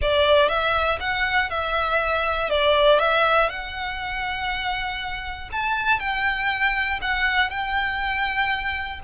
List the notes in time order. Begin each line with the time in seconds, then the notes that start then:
0.01 D5
0.48 E5
1.00 F#5
1.50 E5
2.49 D5
2.99 E5
3.49 F#5
5.52 A5
5.99 G5
7.01 F#5
7.50 G5